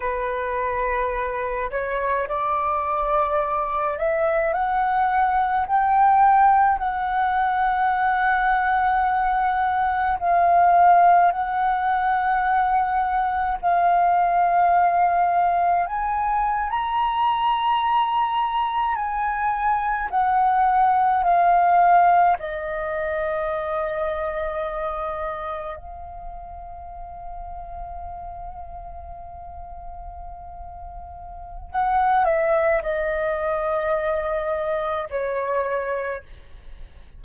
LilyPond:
\new Staff \with { instrumentName = "flute" } { \time 4/4 \tempo 4 = 53 b'4. cis''8 d''4. e''8 | fis''4 g''4 fis''2~ | fis''4 f''4 fis''2 | f''2 gis''8. ais''4~ ais''16~ |
ais''8. gis''4 fis''4 f''4 dis''16~ | dis''2~ dis''8. f''4~ f''16~ | f''1 | fis''8 e''8 dis''2 cis''4 | }